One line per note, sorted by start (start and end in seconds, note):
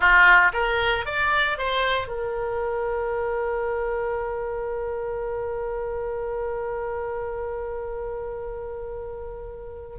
0.00 0.52 F4
0.53 1.05 A#4
1.05 1.58 D5
1.58 2.07 C5
2.07 9.96 A#4